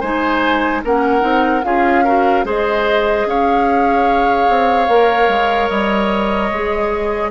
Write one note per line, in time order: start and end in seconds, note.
0.00 0.83 G#3
0.00 0.83 D#4
0.00 0.81 C5
0.00 0.82 G#5
0.84 1.23 A#3
0.84 1.20 C#4
0.84 1.65 A#4
0.84 1.64 F#5
1.20 1.63 C4
1.20 1.61 D#4
1.64 2.44 C#4
1.64 2.05 F4
1.64 2.04 G#4
1.64 2.45 F5
2.04 2.44 F#4
2.04 2.45 A#4
2.44 3.25 G#3
2.44 4.87 G#4
2.44 3.27 C5
2.44 3.29 D#5
3.25 4.47 C#4
3.25 7.31 C#5
3.25 5.69 F5
4.49 4.88 C4
4.88 5.28 A#3
4.88 6.51 A#4
5.28 5.69 G#3
5.69 6.51 G3
5.69 7.31 D#5
6.51 7.31 G#3
6.51 7.31 G#4